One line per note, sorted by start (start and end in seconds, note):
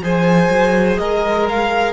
0.00 0.48 F3
0.00 1.92 G#4
0.00 0.99 C5
0.00 0.97 G#5
0.49 0.97 F#3
0.97 1.92 G#3
0.97 1.92 A#4
0.97 1.46 D#5
1.49 1.92 F5